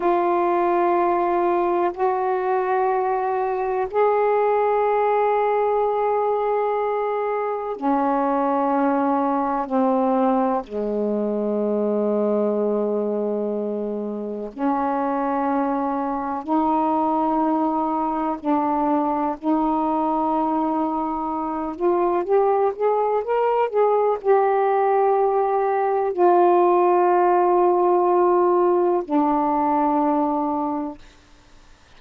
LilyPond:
\new Staff \with { instrumentName = "saxophone" } { \time 4/4 \tempo 4 = 62 f'2 fis'2 | gis'1 | cis'2 c'4 gis4~ | gis2. cis'4~ |
cis'4 dis'2 d'4 | dis'2~ dis'8 f'8 g'8 gis'8 | ais'8 gis'8 g'2 f'4~ | f'2 d'2 | }